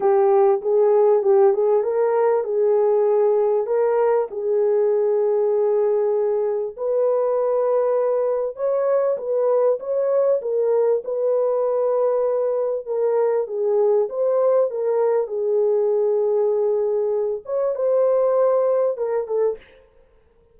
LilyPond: \new Staff \with { instrumentName = "horn" } { \time 4/4 \tempo 4 = 98 g'4 gis'4 g'8 gis'8 ais'4 | gis'2 ais'4 gis'4~ | gis'2. b'4~ | b'2 cis''4 b'4 |
cis''4 ais'4 b'2~ | b'4 ais'4 gis'4 c''4 | ais'4 gis'2.~ | gis'8 cis''8 c''2 ais'8 a'8 | }